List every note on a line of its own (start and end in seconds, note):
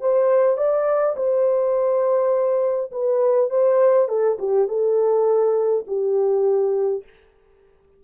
0.00 0.57 C5
0.57 1.15 D5
1.16 2.91 C5
2.91 3.50 B4
3.50 4.08 C5
4.08 4.37 A4
4.38 4.67 G4
4.68 5.84 A4
5.86 7.03 G4